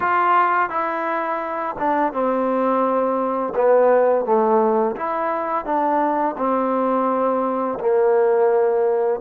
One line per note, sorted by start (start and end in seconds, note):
0.00 0.69 F4
0.69 1.75 E4
1.78 2.12 D4
2.12 3.53 C4
3.55 4.25 B3
4.25 4.95 A3
4.96 5.65 E4
5.65 6.35 D4
6.37 7.78 C4
7.79 9.20 A#3